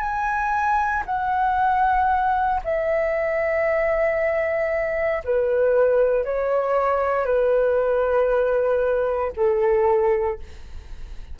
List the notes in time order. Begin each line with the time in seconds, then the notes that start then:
0.00 G#5
1.06 F#5
2.64 E5
5.24 B4
6.24 C#5
7.25 B4
9.36 A4